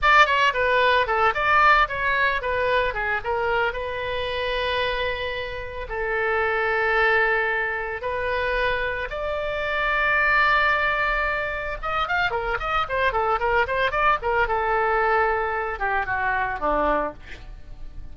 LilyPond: \new Staff \with { instrumentName = "oboe" } { \time 4/4 \tempo 4 = 112 d''8 cis''8 b'4 a'8 d''4 cis''8~ | cis''8 b'4 gis'8 ais'4 b'4~ | b'2. a'4~ | a'2. b'4~ |
b'4 d''2.~ | d''2 dis''8 f''8 ais'8 dis''8 | c''8 a'8 ais'8 c''8 d''8 ais'8 a'4~ | a'4. g'8 fis'4 d'4 | }